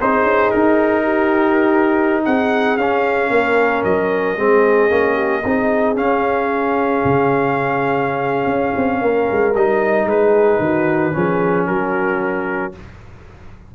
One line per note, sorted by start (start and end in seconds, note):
0.00 0.22 C4
0.00 2.79 D#4
0.00 1.03 G#4
0.00 0.50 C5
0.22 0.49 C#4
0.50 2.26 D#4
0.50 2.23 A#4
1.03 2.22 G4
2.25 2.77 C4
2.25 3.31 G#4
2.25 2.77 F#5
2.77 3.30 C#4
2.77 4.37 C#4
2.77 3.83 F5
3.30 3.83 A#3
3.30 4.37 A#4
3.84 4.36 F#3
3.84 5.96 D#5
4.36 4.89 G#3
4.36 4.89 C4
4.36 5.14 G#4
4.89 5.43 A#3
4.89 5.42 C#4
5.14 5.41 G4
5.44 5.96 C4
5.44 5.95 D#4
5.44 9.01 G#4
5.95 9.54 C#4
5.95 7.03 C#4
5.95 9.55 F5
7.04 8.46 C#3
8.46 8.72 C#4
8.76 9.02 C4
9.01 9.28 A#3
9.01 10.07 A#4
9.31 9.55 G#3
9.55 10.05 G3
9.55 11.12 D#4
9.55 10.08 D#5
10.05 10.58 G#3
10.05 10.61 G#4
10.05 11.66 B4
10.59 11.12 D#3
10.59 11.14 F#4
11.12 11.68 F3
11.12 12.72 C#4
11.12 11.68 G#4
11.66 12.75 F#3
11.66 12.74 F#4
11.66 12.72 A#4